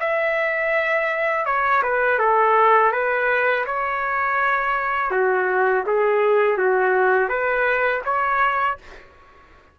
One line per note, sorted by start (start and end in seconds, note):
0.00 1.46 E5
1.46 1.83 C#5
1.83 2.19 B4
2.19 2.92 A4
2.92 3.66 B4
3.66 5.11 C#5
5.11 5.84 F#4
5.87 6.58 G#4
6.58 7.29 F#4
7.29 8.02 B4
8.05 8.78 C#5